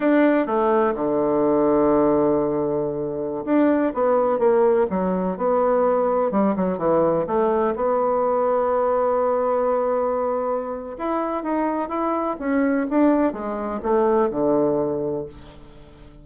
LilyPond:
\new Staff \with { instrumentName = "bassoon" } { \time 4/4 \tempo 4 = 126 d'4 a4 d2~ | d2.~ d16 d'8.~ | d'16 b4 ais4 fis4 b8.~ | b4~ b16 g8 fis8 e4 a8.~ |
a16 b2.~ b8.~ | b2. e'4 | dis'4 e'4 cis'4 d'4 | gis4 a4 d2 | }